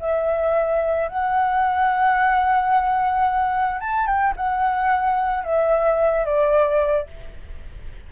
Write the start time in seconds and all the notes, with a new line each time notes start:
0.00 E5
1.09 F#5
3.81 A5
4.07 G5
4.37 F#5
5.45 E5
6.26 D5